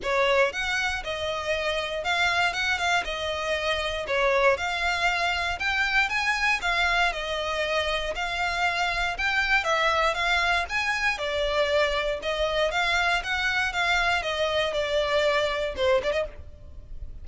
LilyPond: \new Staff \with { instrumentName = "violin" } { \time 4/4 \tempo 4 = 118 cis''4 fis''4 dis''2 | f''4 fis''8 f''8 dis''2 | cis''4 f''2 g''4 | gis''4 f''4 dis''2 |
f''2 g''4 e''4 | f''4 gis''4 d''2 | dis''4 f''4 fis''4 f''4 | dis''4 d''2 c''8 d''16 dis''16 | }